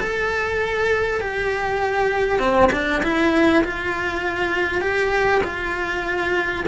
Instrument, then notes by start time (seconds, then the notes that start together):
cello
0.00 A4
1.20 G4
2.39 C4
2.72 D4
3.03 E4
3.64 F4
4.81 G4
5.43 F4